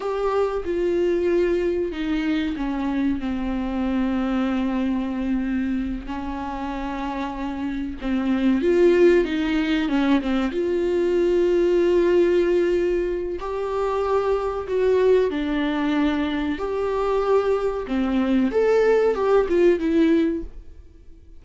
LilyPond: \new Staff \with { instrumentName = "viola" } { \time 4/4 \tempo 4 = 94 g'4 f'2 dis'4 | cis'4 c'2.~ | c'4. cis'2~ cis'8~ | cis'8 c'4 f'4 dis'4 cis'8 |
c'8 f'2.~ f'8~ | f'4 g'2 fis'4 | d'2 g'2 | c'4 a'4 g'8 f'8 e'4 | }